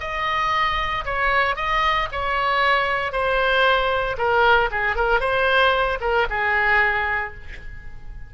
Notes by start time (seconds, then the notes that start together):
0.00 D#5
1.05 C#5
1.56 D#5
2.12 C#5
3.12 C5
4.17 A#4
4.71 G#4
4.96 A#4
5.20 C5
6.00 A#4
6.30 G#4